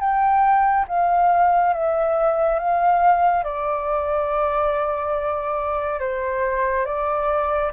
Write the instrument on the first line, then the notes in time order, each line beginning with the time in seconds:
flute
0.00 G5
0.88 F5
1.74 E5
2.59 F5
3.44 D5
6.00 C5
6.86 D5